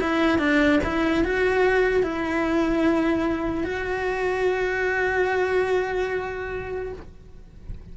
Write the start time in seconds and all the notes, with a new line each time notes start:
0.00 E4
0.38 D4
0.83 E4
1.24 F#4
2.02 E4
3.64 F#4